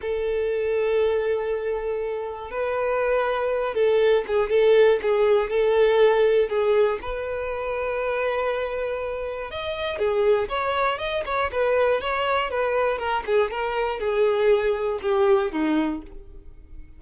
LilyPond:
\new Staff \with { instrumentName = "violin" } { \time 4/4 \tempo 4 = 120 a'1~ | a'4 b'2~ b'8 a'8~ | a'8 gis'8 a'4 gis'4 a'4~ | a'4 gis'4 b'2~ |
b'2. dis''4 | gis'4 cis''4 dis''8 cis''8 b'4 | cis''4 b'4 ais'8 gis'8 ais'4 | gis'2 g'4 dis'4 | }